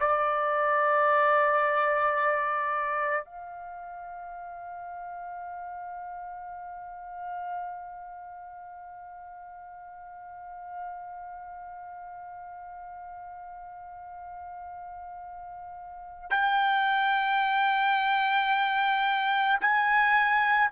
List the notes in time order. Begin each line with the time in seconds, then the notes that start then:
0.00 D5
3.25 F5
16.30 G5
19.61 G#5